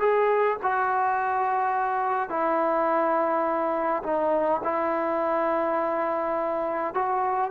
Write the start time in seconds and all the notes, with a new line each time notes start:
0.00 G#4
0.63 F#4
2.30 E4
4.04 D#4
4.64 E4
6.95 F#4